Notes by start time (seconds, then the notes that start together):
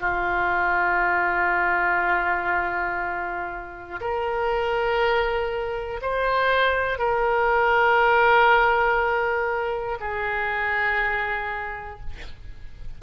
0.00 F4
4.00 A#4
6.02 C5
6.98 A#4
10.00 G#4